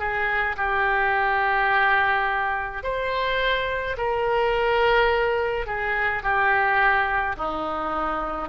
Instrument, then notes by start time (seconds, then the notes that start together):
oboe
0.00 G#4
0.58 G4
2.84 C5
3.98 A#4
5.67 G#4
6.23 G4
7.37 D#4